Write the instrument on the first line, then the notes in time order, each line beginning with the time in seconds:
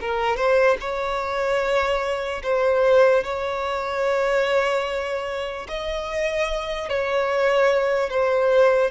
violin
0.00 A#4
0.36 C5
0.80 C#5
2.43 C5
3.24 C#5
5.68 D#5
6.88 C#5
8.10 C5